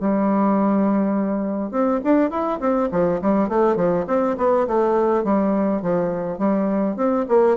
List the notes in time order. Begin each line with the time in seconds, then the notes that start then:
0.00 G3
1.71 C4
2.04 D4
2.30 E4
2.60 C4
2.91 F3
3.21 G3
3.49 A3
3.76 F3
4.07 C4
4.38 B3
4.67 A3
5.24 G3
5.82 F3
6.38 G3
6.96 C4
7.28 A#3